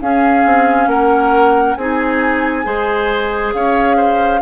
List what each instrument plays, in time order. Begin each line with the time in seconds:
0.00 bassoon C#4, clarinet C#4, oboe G#4, flute F5
0.44 bassoon C4
0.87 bassoon A#3, oboe A#4, flute F#5
1.75 bassoon C4, clarinet D#4, oboe G#4, flute G#5
2.64 bassoon G#3, clarinet G#4, oboe C5
3.53 bassoon C#4, oboe C#5, flute F5
3.96 oboe C5